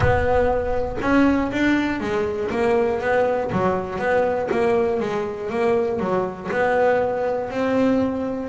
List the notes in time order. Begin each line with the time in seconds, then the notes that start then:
0.00 B3
1.01 C#4
1.52 D4
2.00 G#3
2.50 A#3
3.00 B3
3.52 F#3
3.99 B3
4.51 A#3
5.00 G#3
5.50 A#3
5.99 F#3
6.51 B3
7.50 C4